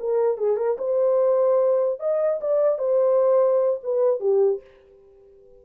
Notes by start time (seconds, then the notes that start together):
0.00 A#4
0.38 G#4
0.57 A#4
0.78 C5
2.00 D#5
2.41 D5
2.79 C5
3.84 B4
4.21 G4